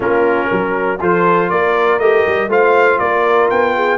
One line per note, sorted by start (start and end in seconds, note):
0.00 0.49 A#3
0.00 0.98 C#4
0.00 0.47 F4
0.00 1.01 A#4
0.47 1.00 F#3
0.47 0.97 A#4
1.00 1.50 F3
1.00 2.00 F4
1.00 1.50 A4
1.00 1.49 C5
1.49 1.99 A#3
1.49 2.50 A#4
1.49 1.99 D5
1.99 2.24 A3
1.99 2.49 G4
1.99 2.49 D#5
2.27 2.48 G3
2.48 2.98 A3
2.48 3.97 F4
2.48 3.00 C5
2.48 2.98 F5
2.98 3.50 A#3
2.98 3.75 A#4
2.98 3.48 D5
3.50 3.97 B3
3.50 3.97 G5
3.75 3.97 G#4